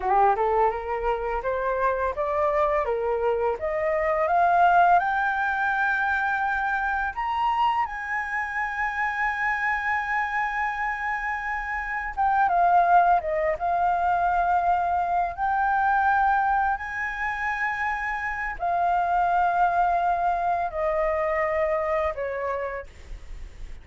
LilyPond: \new Staff \with { instrumentName = "flute" } { \time 4/4 \tempo 4 = 84 g'8 a'8 ais'4 c''4 d''4 | ais'4 dis''4 f''4 g''4~ | g''2 ais''4 gis''4~ | gis''1~ |
gis''4 g''8 f''4 dis''8 f''4~ | f''4. g''2 gis''8~ | gis''2 f''2~ | f''4 dis''2 cis''4 | }